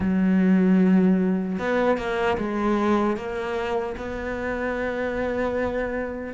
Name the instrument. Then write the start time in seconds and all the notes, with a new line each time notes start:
cello
0.00 F#3
1.59 B3
1.97 A#3
2.37 G#3
3.17 A#3
3.97 B3